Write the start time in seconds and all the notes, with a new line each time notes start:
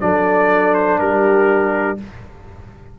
0.00 F#3 D4 A4 D5
0.74 C5
0.99 G3 G4 A#4